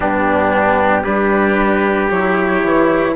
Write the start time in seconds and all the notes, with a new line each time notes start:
0.00 G2 B3 D4 G4
1.03 G3 D4 G4 B4
2.09 F#3 E4 C#5
2.64 E3